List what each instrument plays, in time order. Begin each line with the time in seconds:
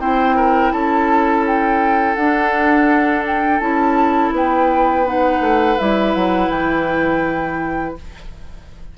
0.00 bassoon C4, clarinet E4, oboe C5, flute G5
0.37 oboe A#4
0.73 bassoon C#4, oboe A4, flute A5
1.47 flute G5
2.15 bassoon D4, clarinet D4, flute F#5
3.27 flute G5
3.60 bassoon C#4, clarinet E4, flute A5
4.32 bassoon B3, oboe B4, flute G5
5.06 clarinet D#4, flute F#5
5.41 bassoon A3
5.79 bassoon G3, clarinet E4, flute E5
6.15 bassoon F#3, flute F#5
6.50 bassoon E3, flute G5